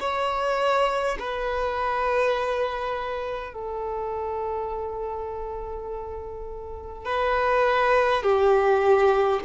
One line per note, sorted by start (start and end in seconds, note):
0.00 1.18 C#5
1.19 3.53 B4
3.53 7.05 A4
7.05 8.22 B4
8.22 9.40 G4